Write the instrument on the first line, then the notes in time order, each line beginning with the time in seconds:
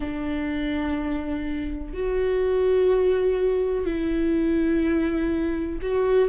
viola
0.00 D4
1.93 F#4
3.85 E4
5.81 F#4